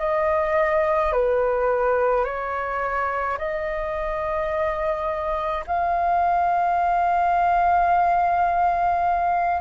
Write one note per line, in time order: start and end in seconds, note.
0.00 1.13 D#5
1.13 2.25 B4
2.25 3.38 C#5
3.39 5.65 D#5
5.67 9.62 F5